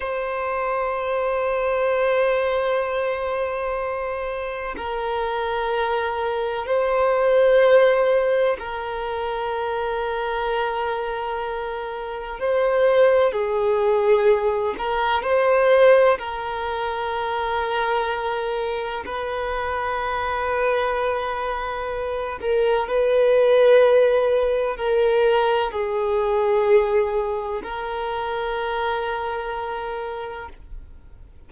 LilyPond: \new Staff \with { instrumentName = "violin" } { \time 4/4 \tempo 4 = 63 c''1~ | c''4 ais'2 c''4~ | c''4 ais'2.~ | ais'4 c''4 gis'4. ais'8 |
c''4 ais'2. | b'2.~ b'8 ais'8 | b'2 ais'4 gis'4~ | gis'4 ais'2. | }